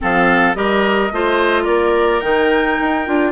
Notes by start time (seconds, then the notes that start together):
0.00 F3 C4 A4 F5
0.54 G3 G4 A#4 D#5
1.11 A3 F4 C5
1.63 A#3 A#4 D5
2.20 D#3 D#4 G5
2.80 D#4
3.05 D4 F4